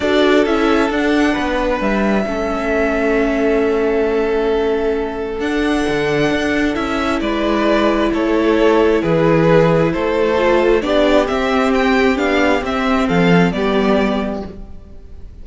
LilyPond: <<
  \new Staff \with { instrumentName = "violin" } { \time 4/4 \tempo 4 = 133 d''4 e''4 fis''2 | e''1~ | e''1 | fis''2. e''4 |
d''2 cis''2 | b'2 c''2 | d''4 e''4 g''4 f''4 | e''4 f''4 d''2 | }
  \new Staff \with { instrumentName = "violin" } { \time 4/4 a'2. b'4~ | b'4 a'2.~ | a'1~ | a'1 |
b'2 a'2 | gis'2 a'2 | g'1~ | g'4 a'4 g'2 | }
  \new Staff \with { instrumentName = "viola" } { \time 4/4 fis'4 e'4 d'2~ | d'4 cis'2.~ | cis'1 | d'2. e'4~ |
e'1~ | e'2. f'4 | d'4 c'2 d'4 | c'2 b2 | }
  \new Staff \with { instrumentName = "cello" } { \time 4/4 d'4 cis'4 d'4 b4 | g4 a2.~ | a1 | d'4 d4 d'4 cis'4 |
gis2 a2 | e2 a2 | b4 c'2 b4 | c'4 f4 g2 | }
>>